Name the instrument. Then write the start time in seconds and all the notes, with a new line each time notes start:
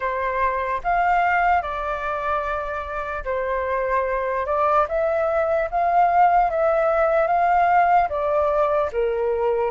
flute
0.00 C5
0.83 F5
1.61 D5
3.24 C5
4.46 D5
4.88 E5
5.71 F5
6.50 E5
7.27 F5
8.09 D5
8.92 A#4